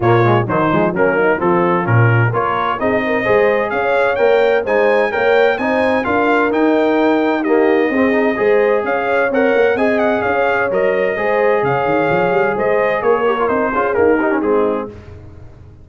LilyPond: <<
  \new Staff \with { instrumentName = "trumpet" } { \time 4/4 \tempo 4 = 129 cis''4 c''4 ais'4 a'4 | ais'4 cis''4 dis''2 | f''4 g''4 gis''4 g''4 | gis''4 f''4 g''2 |
dis''2. f''4 | fis''4 gis''8 fis''8 f''4 dis''4~ | dis''4 f''2 dis''4 | cis''4 c''4 ais'4 gis'4 | }
  \new Staff \with { instrumentName = "horn" } { \time 4/4 f'4 dis'4 cis'8 dis'8 f'4~ | f'4 ais'4 gis'8 ais'8 c''4 | cis''2 c''4 cis''4 | c''4 ais'2. |
g'4 gis'4 c''4 cis''4~ | cis''4 dis''4 cis''2 | c''4 cis''2 c''4 | ais'4. gis'4 g'8 dis'4 | }
  \new Staff \with { instrumentName = "trombone" } { \time 4/4 ais8 gis8 fis8 gis8 ais4 c'4 | cis'4 f'4 dis'4 gis'4~ | gis'4 ais'4 dis'4 ais'4 | dis'4 f'4 dis'2 |
ais4 c'8 dis'8 gis'2 | ais'4 gis'2 ais'4 | gis'1~ | gis'8 g'16 f'16 dis'8 f'8 ais8 dis'16 cis'16 c'4 | }
  \new Staff \with { instrumentName = "tuba" } { \time 4/4 ais,4 dis8 f8 fis4 f4 | ais,4 ais4 c'4 gis4 | cis'4 ais4 gis4 ais4 | c'4 d'4 dis'2~ |
dis'4 c'4 gis4 cis'4 | c'8 ais8 c'4 cis'4 fis4 | gis4 cis8 dis8 f8 g8 gis4 | ais4 c'8 cis'8 dis'4 gis4 | }
>>